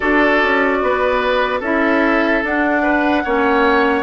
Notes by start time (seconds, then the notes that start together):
0.00 D4 F#4 A4 D5
0.42 C#4
0.82 B3 B4
1.60 C#4 E4 A4 E5
2.43 D4 F#5
2.82 B4
3.24 A#3 C#4 C#5